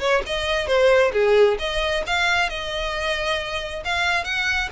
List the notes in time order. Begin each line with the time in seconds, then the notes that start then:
0.00 C#5
0.26 D#5
0.67 C5
1.13 G#4
1.59 D#5
2.07 F5
2.49 D#5
3.85 F5
4.24 F#5